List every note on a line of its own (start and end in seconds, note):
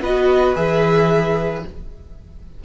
0.00 0.54 B3
0.00 0.55 F#4
0.00 1.64 B4
0.00 0.55 D#5
0.55 1.64 E3
0.55 1.63 G#4
0.55 1.63 E5